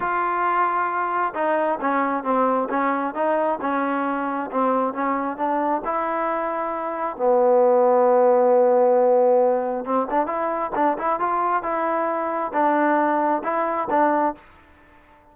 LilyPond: \new Staff \with { instrumentName = "trombone" } { \time 4/4 \tempo 4 = 134 f'2. dis'4 | cis'4 c'4 cis'4 dis'4 | cis'2 c'4 cis'4 | d'4 e'2. |
b1~ | b2 c'8 d'8 e'4 | d'8 e'8 f'4 e'2 | d'2 e'4 d'4 | }